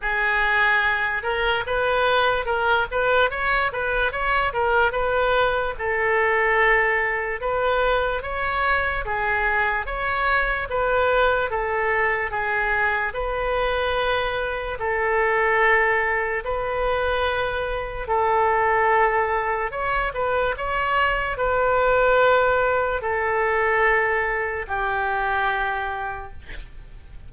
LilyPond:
\new Staff \with { instrumentName = "oboe" } { \time 4/4 \tempo 4 = 73 gis'4. ais'8 b'4 ais'8 b'8 | cis''8 b'8 cis''8 ais'8 b'4 a'4~ | a'4 b'4 cis''4 gis'4 | cis''4 b'4 a'4 gis'4 |
b'2 a'2 | b'2 a'2 | cis''8 b'8 cis''4 b'2 | a'2 g'2 | }